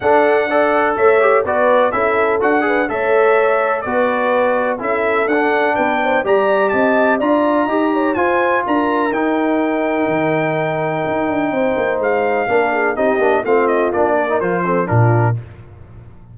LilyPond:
<<
  \new Staff \with { instrumentName = "trumpet" } { \time 4/4 \tempo 4 = 125 fis''2 e''4 d''4 | e''4 fis''4 e''2 | d''2 e''4 fis''4 | g''4 ais''4 a''4 ais''4~ |
ais''4 gis''4 ais''4 g''4~ | g''1~ | g''4 f''2 dis''4 | f''8 dis''8 d''4 c''4 ais'4 | }
  \new Staff \with { instrumentName = "horn" } { \time 4/4 a'4 d''4 cis''4 b'4 | a'4. b'8 cis''2 | b'2 a'2 | b'8 c''8 d''4 dis''4 d''4 |
dis''8 cis''8 c''4 ais'2~ | ais'1 | c''2 ais'8 gis'8 g'4 | f'4. ais'4 a'8 f'4 | }
  \new Staff \with { instrumentName = "trombone" } { \time 4/4 d'4 a'4. g'8 fis'4 | e'4 fis'8 gis'8 a'2 | fis'2 e'4 d'4~ | d'4 g'2 f'4 |
g'4 f'2 dis'4~ | dis'1~ | dis'2 d'4 dis'8 d'8 | c'4 d'8. dis'16 f'8 c'8 d'4 | }
  \new Staff \with { instrumentName = "tuba" } { \time 4/4 d'2 a4 b4 | cis'4 d'4 a2 | b2 cis'4 d'4 | b4 g4 c'4 d'4 |
dis'4 f'4 d'4 dis'4~ | dis'4 dis2 dis'8 d'8 | c'8 ais8 gis4 ais4 c'8 ais8 | a4 ais4 f4 ais,4 | }
>>